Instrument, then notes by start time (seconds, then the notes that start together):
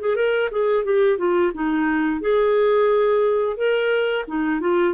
clarinet
0.00 G#4
0.15 A#4
0.51 G#4
0.84 G4
1.18 F4
1.54 D#4
2.21 G#4
3.56 A#4
4.27 D#4
4.60 F4